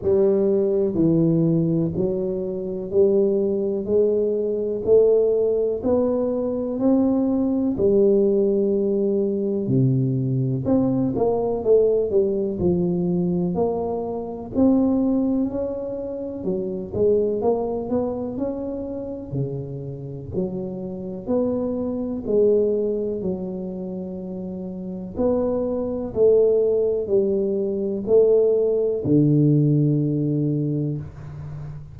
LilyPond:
\new Staff \with { instrumentName = "tuba" } { \time 4/4 \tempo 4 = 62 g4 e4 fis4 g4 | gis4 a4 b4 c'4 | g2 c4 c'8 ais8 | a8 g8 f4 ais4 c'4 |
cis'4 fis8 gis8 ais8 b8 cis'4 | cis4 fis4 b4 gis4 | fis2 b4 a4 | g4 a4 d2 | }